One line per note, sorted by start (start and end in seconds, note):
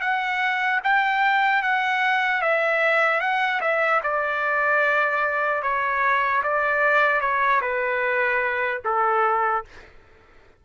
0.00 0.80 F#5
0.84 1.62 G5
1.62 2.41 F#5
2.41 3.20 E5
3.20 3.60 F#5
3.60 4.00 E5
4.03 5.62 D5
5.62 6.42 C#5
6.43 7.21 D5
7.21 7.61 C#5
7.61 8.81 B4
8.84 9.64 A4